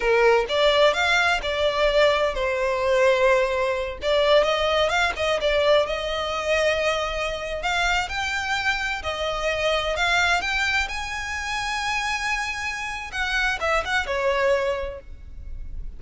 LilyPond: \new Staff \with { instrumentName = "violin" } { \time 4/4 \tempo 4 = 128 ais'4 d''4 f''4 d''4~ | d''4 c''2.~ | c''8 d''4 dis''4 f''8 dis''8 d''8~ | d''8 dis''2.~ dis''8~ |
dis''16 f''4 g''2 dis''8.~ | dis''4~ dis''16 f''4 g''4 gis''8.~ | gis''1 | fis''4 e''8 fis''8 cis''2 | }